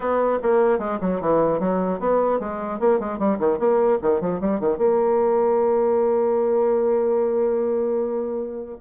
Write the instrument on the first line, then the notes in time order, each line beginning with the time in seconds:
bassoon
0.00 B3
0.42 A#3
0.78 G#3
1.01 F#3
1.21 E3
1.59 F#3
1.99 B3
2.39 G#3
2.79 A#3
2.99 G#3
3.18 G3
3.39 D#3
3.58 A#3
4.02 D#3
4.20 F3
4.40 G3
4.60 D#3
4.77 A#3